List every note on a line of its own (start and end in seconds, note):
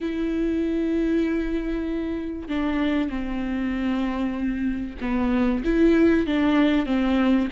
0.00 2.48 E4
2.48 3.09 D4
3.09 4.97 C4
5.00 5.63 B3
5.64 6.26 E4
6.26 6.86 D4
6.86 7.48 C4